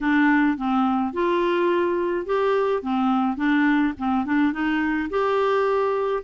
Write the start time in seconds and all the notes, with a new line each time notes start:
0.00 D4
0.57 C4
1.13 F4
2.26 G4
2.82 C4
3.37 D4
3.98 C4
4.25 D4
4.52 D#4
5.10 G4